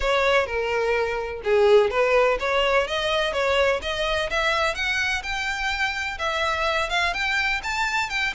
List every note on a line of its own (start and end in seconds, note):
0.00 0.46 C#5
0.46 1.41 A#4
1.44 1.90 G#4
1.90 2.38 B4
2.39 2.87 C#5
2.87 3.32 D#5
3.32 3.80 C#5
3.82 4.29 D#5
4.29 4.74 E5
4.74 5.22 F#5
5.23 6.18 G5
6.18 6.89 E5
6.89 7.13 F5
7.13 7.61 G5
7.63 8.09 A5
8.09 8.33 G5